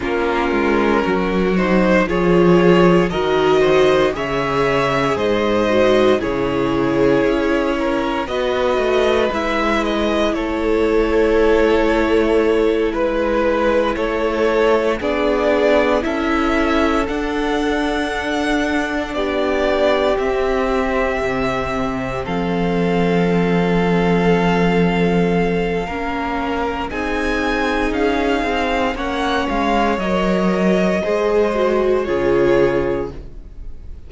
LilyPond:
<<
  \new Staff \with { instrumentName = "violin" } { \time 4/4 \tempo 4 = 58 ais'4. c''8 cis''4 dis''4 | e''4 dis''4 cis''2 | dis''4 e''8 dis''8 cis''2~ | cis''8 b'4 cis''4 d''4 e''8~ |
e''8 fis''2 d''4 e''8~ | e''4. f''2~ f''8~ | f''2 gis''4 f''4 | fis''8 f''8 dis''2 cis''4 | }
  \new Staff \with { instrumentName = "violin" } { \time 4/4 f'4 fis'4 gis'4 ais'8 c''8 | cis''4 c''4 gis'4. ais'8 | b'2 a'2~ | a'8 b'4 a'4 gis'4 a'8~ |
a'2~ a'8 g'4.~ | g'4. a'2~ a'8~ | a'4 ais'4 gis'2 | cis''2 c''4 gis'4 | }
  \new Staff \with { instrumentName = "viola" } { \time 4/4 cis'4. dis'8 f'4 fis'4 | gis'4. fis'8 e'2 | fis'4 e'2.~ | e'2~ e'8 d'4 e'8~ |
e'8 d'2. c'8~ | c'1~ | c'4 cis'4 dis'2 | cis'4 ais'4 gis'8 fis'8 f'4 | }
  \new Staff \with { instrumentName = "cello" } { \time 4/4 ais8 gis8 fis4 f4 dis4 | cis4 gis,4 cis4 cis'4 | b8 a8 gis4 a2~ | a8 gis4 a4 b4 cis'8~ |
cis'8 d'2 b4 c'8~ | c'8 c4 f2~ f8~ | f4 ais4 c'4 cis'8 c'8 | ais8 gis8 fis4 gis4 cis4 | }
>>